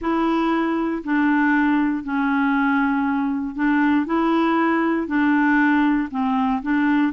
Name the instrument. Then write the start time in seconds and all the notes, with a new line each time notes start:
clarinet
0.01 E4
1.04 D4
2.03 C#4
3.55 D4
4.06 E4
5.07 D4
6.11 C4
6.62 D4